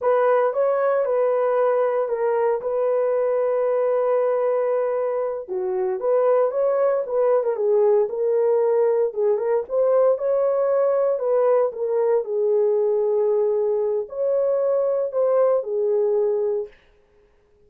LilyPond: \new Staff \with { instrumentName = "horn" } { \time 4/4 \tempo 4 = 115 b'4 cis''4 b'2 | ais'4 b'2.~ | b'2~ b'8 fis'4 b'8~ | b'8 cis''4 b'8. ais'16 gis'4 ais'8~ |
ais'4. gis'8 ais'8 c''4 cis''8~ | cis''4. b'4 ais'4 gis'8~ | gis'2. cis''4~ | cis''4 c''4 gis'2 | }